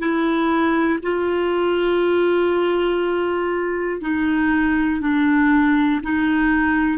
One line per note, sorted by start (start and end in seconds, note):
0.00 1.00 E4
1.03 4.02 F4
4.02 5.01 D#4
5.01 6.01 D4
6.04 6.99 D#4